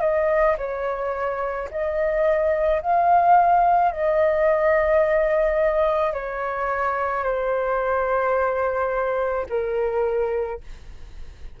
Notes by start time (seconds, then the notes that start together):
0.00 D#5
0.58 C#5
1.70 D#5
2.82 F5
3.91 D#5
6.13 C#5
7.23 C5
9.49 A#4